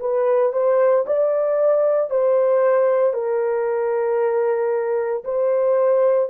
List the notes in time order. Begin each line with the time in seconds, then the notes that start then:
0.00 B4
0.53 C5
1.07 D5
2.11 C5
3.13 A#4
5.24 C5